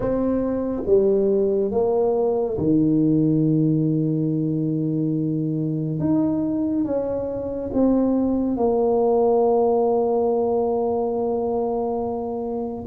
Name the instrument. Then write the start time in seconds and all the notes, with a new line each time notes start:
tuba
0.00 C4
0.86 G3
1.71 A#3
2.57 D#3
5.99 D#4
6.85 C#4
7.73 C4
8.56 A#3